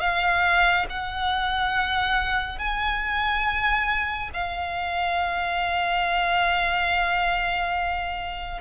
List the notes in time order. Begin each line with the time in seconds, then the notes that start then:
0.00 F5
0.89 F#5
2.58 G#5
4.33 F5